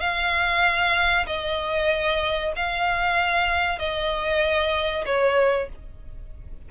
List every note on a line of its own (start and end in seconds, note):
0.00 1.26 F5
1.27 2.53 D#5
2.56 3.79 F5
3.79 5.05 D#5
5.06 5.69 C#5